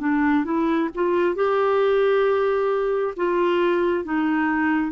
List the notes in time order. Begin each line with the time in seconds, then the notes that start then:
0.00 D4
0.45 E4
0.95 F4
1.36 G4
3.17 F4
4.05 D#4